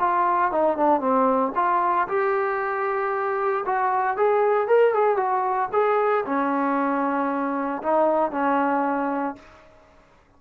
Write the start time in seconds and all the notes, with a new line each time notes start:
0.00 F4
0.52 D#4
0.77 D4
1.01 C4
1.56 F4
2.08 G4
3.66 F#4
4.17 G#4
4.68 A#4
4.94 G#4
5.17 F#4
5.73 G#4
6.26 C#4
7.82 D#4
8.31 C#4